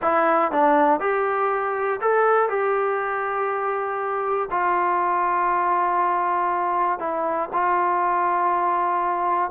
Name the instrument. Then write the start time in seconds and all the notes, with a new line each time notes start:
trombone
0.02 E4
0.51 D4
1.00 G4
2.01 A4
2.49 G4
4.50 F4
6.99 E4
7.52 F4